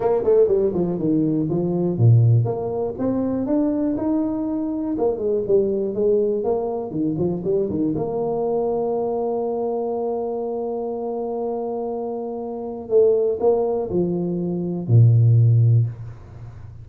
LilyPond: \new Staff \with { instrumentName = "tuba" } { \time 4/4 \tempo 4 = 121 ais8 a8 g8 f8 dis4 f4 | ais,4 ais4 c'4 d'4 | dis'2 ais8 gis8 g4 | gis4 ais4 dis8 f8 g8 dis8 |
ais1~ | ais1~ | ais2 a4 ais4 | f2 ais,2 | }